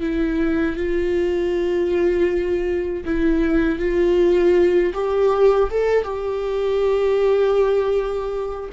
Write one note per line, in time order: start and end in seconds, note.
0.00 0.76 E4
0.76 3.04 F4
3.04 3.79 E4
3.79 4.93 F4
4.94 5.70 G4
5.70 6.03 A4
6.03 8.69 G4